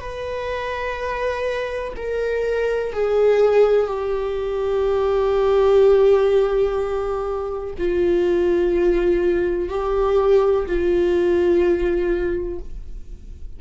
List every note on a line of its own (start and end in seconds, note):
0.00 1.94 B4
1.96 2.93 A#4
2.93 3.87 G#4
3.87 7.74 G4
7.79 9.69 F4
9.69 10.66 G4
10.66 12.60 F4